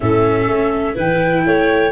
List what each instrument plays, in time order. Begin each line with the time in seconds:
0.00 tuba A2, viola C#4, clarinet A4, flute E5
0.46 tuba A3
0.94 tuba E3, viola E4, clarinet B4, flute G5
1.46 tuba A3, clarinet C#5